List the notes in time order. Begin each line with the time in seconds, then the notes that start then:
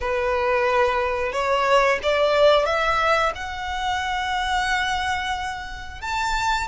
0.01 B4
1.32 C#5
2.02 D5
2.65 E5
3.35 F#5
6.01 A5